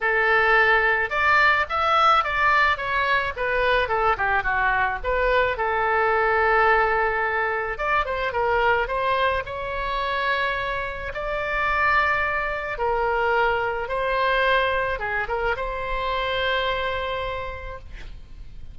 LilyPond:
\new Staff \with { instrumentName = "oboe" } { \time 4/4 \tempo 4 = 108 a'2 d''4 e''4 | d''4 cis''4 b'4 a'8 g'8 | fis'4 b'4 a'2~ | a'2 d''8 c''8 ais'4 |
c''4 cis''2. | d''2. ais'4~ | ais'4 c''2 gis'8 ais'8 | c''1 | }